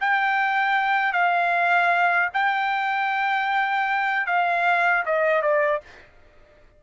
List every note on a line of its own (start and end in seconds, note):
0.00 1.13 G5
1.13 2.30 F5
2.33 4.26 G5
4.26 5.04 F5
5.05 5.42 D#5
5.42 5.81 D5